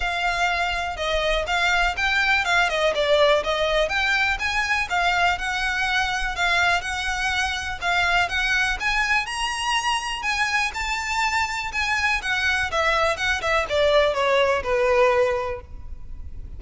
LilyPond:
\new Staff \with { instrumentName = "violin" } { \time 4/4 \tempo 4 = 123 f''2 dis''4 f''4 | g''4 f''8 dis''8 d''4 dis''4 | g''4 gis''4 f''4 fis''4~ | fis''4 f''4 fis''2 |
f''4 fis''4 gis''4 ais''4~ | ais''4 gis''4 a''2 | gis''4 fis''4 e''4 fis''8 e''8 | d''4 cis''4 b'2 | }